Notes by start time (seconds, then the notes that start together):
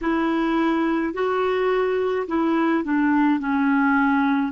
0.01 E4
1.13 F#4
2.27 E4
2.84 D4
3.40 C#4